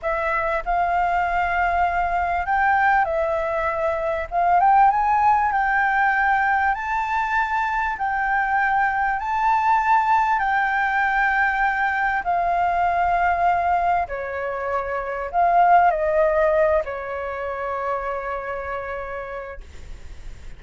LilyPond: \new Staff \with { instrumentName = "flute" } { \time 4/4 \tempo 4 = 98 e''4 f''2. | g''4 e''2 f''8 g''8 | gis''4 g''2 a''4~ | a''4 g''2 a''4~ |
a''4 g''2. | f''2. cis''4~ | cis''4 f''4 dis''4. cis''8~ | cis''1 | }